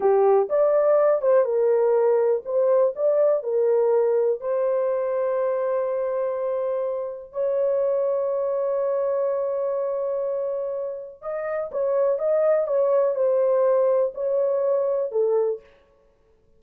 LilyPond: \new Staff \with { instrumentName = "horn" } { \time 4/4 \tempo 4 = 123 g'4 d''4. c''8 ais'4~ | ais'4 c''4 d''4 ais'4~ | ais'4 c''2.~ | c''2. cis''4~ |
cis''1~ | cis''2. dis''4 | cis''4 dis''4 cis''4 c''4~ | c''4 cis''2 a'4 | }